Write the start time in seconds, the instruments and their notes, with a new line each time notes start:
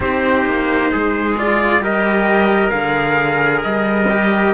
0.00 cello C4 D#4, trumpet G4 C5
0.45 cello A#3
0.91 cello G#3, trumpet G#4
1.38 cello F4, trumpet D5
1.79 cello G3 G4, trumpet A#4 D#5
2.69 cello D3 G#4, trumpet F5
3.63 cello G3, trumpet D#5
4.09 cello G4